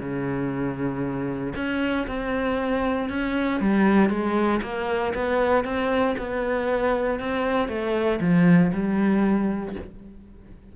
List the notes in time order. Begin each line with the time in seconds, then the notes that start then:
0.00 C#3
1.56 C#4
2.08 C4
3.09 C#4
3.61 G3
4.10 G#3
4.63 A#3
5.14 B3
5.65 C4
6.18 B3
7.20 C4
7.69 A3
8.21 F3
8.73 G3